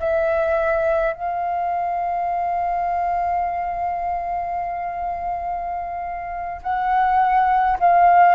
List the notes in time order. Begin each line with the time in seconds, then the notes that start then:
0.00 E5
1.13 F5
6.62 F#5
7.79 F5